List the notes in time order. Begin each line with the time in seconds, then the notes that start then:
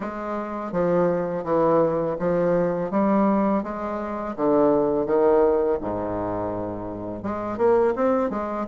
0.00 G#3
0.72 F3
1.44 E3
2.19 F3
2.90 G3
3.63 G#3
4.36 D3
5.06 D#3
5.80 G#2
7.23 G#3
7.57 A#3
7.95 C4
8.30 G#3